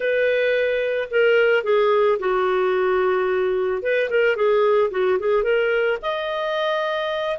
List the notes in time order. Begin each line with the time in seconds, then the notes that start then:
0.00 B4
1.10 A#4
1.63 G#4
2.19 F#4
3.82 B4
4.10 A#4
4.35 G#4
4.91 F#4
5.19 G#4
5.43 A#4
6.01 D#5